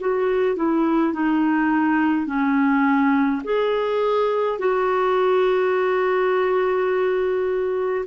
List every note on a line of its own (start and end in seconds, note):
0.00 0.56 F#4
0.56 1.13 E4
1.13 2.26 D#4
2.26 3.41 C#4
3.44 4.59 G#4
4.59 8.05 F#4